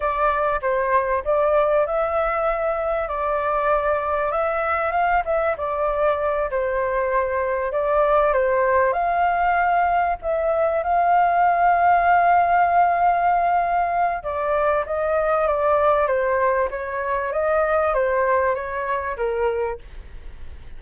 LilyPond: \new Staff \with { instrumentName = "flute" } { \time 4/4 \tempo 4 = 97 d''4 c''4 d''4 e''4~ | e''4 d''2 e''4 | f''8 e''8 d''4. c''4.~ | c''8 d''4 c''4 f''4.~ |
f''8 e''4 f''2~ f''8~ | f''2. d''4 | dis''4 d''4 c''4 cis''4 | dis''4 c''4 cis''4 ais'4 | }